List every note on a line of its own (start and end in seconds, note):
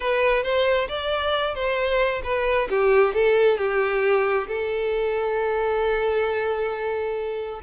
0.00 0.43 B4
0.43 0.88 C5
0.88 1.54 D5
1.54 2.21 C5
2.23 2.68 B4
2.69 3.14 G4
3.14 3.57 A4
3.57 4.47 G4
4.47 7.60 A4